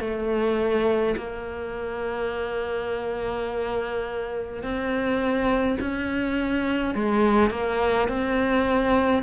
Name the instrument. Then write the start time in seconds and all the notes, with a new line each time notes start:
cello
0.00 A3
1.16 A#3
4.63 C4
5.81 C#4
6.95 G#3
7.51 A#3
8.09 C4